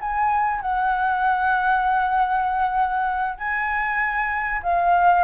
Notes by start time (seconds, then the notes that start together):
0.00 G#5
0.61 F#5
3.38 G#5
4.63 F5